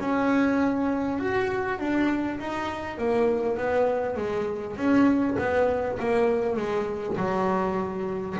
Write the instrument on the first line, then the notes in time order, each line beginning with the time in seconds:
double bass
0.00 C#4
1.19 F#4
1.79 D4
2.39 D#4
2.98 A#3
3.57 B3
4.17 G#3
4.77 C#4
5.38 B3
5.99 A#3
6.56 G#3
7.17 F#3